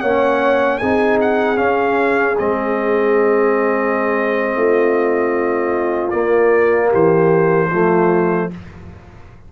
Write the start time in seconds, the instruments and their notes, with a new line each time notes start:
0.00 tuba A#3, trombone C#4, horn C#5, trumpet F#5
0.78 tuba C4, trombone D#4, horn G#4, trumpet G#5
1.21 trumpet F#5
1.56 trombone C#4, tuba C#4, trumpet F5
2.38 tuba G#3, trombone C4, trumpet D#5
4.55 tuba A3, horn F4
6.10 trombone A#3, tuba A#3, trumpet D5
6.90 tuba E3, horn G4, trumpet C5
7.71 tuba F3, trombone A3, horn F4